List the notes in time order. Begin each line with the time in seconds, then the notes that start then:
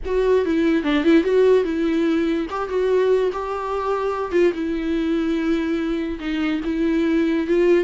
0.05 F#4
0.45 E4
0.83 D4
1.03 E4
1.23 F#4
1.63 E4
2.50 G4
2.68 F#4
3.32 G4
4.31 F4
4.53 E4
6.19 D#4
6.64 E4
7.47 F4